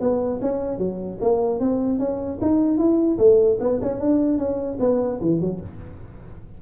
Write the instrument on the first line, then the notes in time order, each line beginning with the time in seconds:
tuba
0.00 B3
0.41 C#4
0.78 F#3
1.21 A#3
1.59 C4
1.99 C#4
2.41 D#4
2.78 E4
3.18 A3
3.60 B3
3.82 C#4
4.00 D4
4.38 C#4
4.79 B3
5.21 E3
5.40 F#3